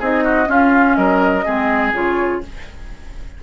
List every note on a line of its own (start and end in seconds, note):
0.00 0.48 C4
0.00 0.46 D#4
0.00 0.24 G#4
0.00 0.50 D#5
0.24 0.48 F#4
0.46 1.43 C#4
0.46 0.97 C#4
0.46 0.97 F4
0.46 0.96 F5
0.96 1.46 F#3
0.96 1.46 A#4
0.96 1.92 D#5
1.45 1.93 G#3
1.45 1.94 C4
1.45 2.42 G#4
1.93 2.42 C#3
1.93 2.42 F4
1.93 2.44 C#5